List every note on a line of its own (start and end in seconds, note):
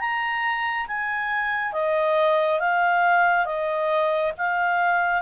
0.00 0.87 A#5
0.88 1.73 G#5
1.73 2.60 D#5
2.60 3.45 F5
3.45 4.32 D#5
4.38 5.22 F5